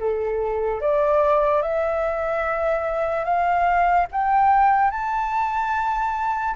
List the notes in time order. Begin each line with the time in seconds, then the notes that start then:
0.00 A4
0.81 D5
1.63 E5
3.25 F5
4.12 G5
4.91 A5